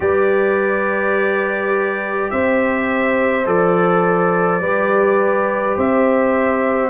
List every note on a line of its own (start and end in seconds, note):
0.00 2.30 G3
0.00 3.43 G4
0.00 2.32 B4
0.00 2.30 D5
2.30 3.46 C4
2.30 4.61 C5
2.30 3.45 E5
3.45 4.60 F3
3.45 4.61 A4
3.45 5.77 D5
4.60 5.76 G3
4.60 6.90 G4
4.60 5.76 B4
5.76 6.90 C4
5.76 6.90 C5
5.76 6.90 E5